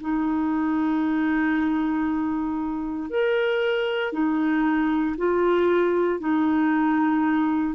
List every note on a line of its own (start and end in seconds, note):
0.00 3.10 D#4
3.10 4.12 A#4
4.12 5.16 D#4
5.17 6.20 F4
6.20 7.75 D#4